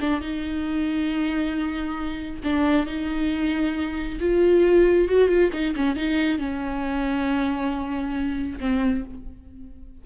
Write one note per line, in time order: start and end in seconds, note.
0.00 0.21 D4
0.21 2.41 D#4
2.44 2.86 D4
2.86 4.19 D#4
4.20 5.08 F4
5.08 5.28 F#4
5.28 5.50 F4
5.52 5.75 D#4
5.75 5.96 C#4
5.96 6.38 D#4
6.38 8.59 C#4
8.60 9.04 C4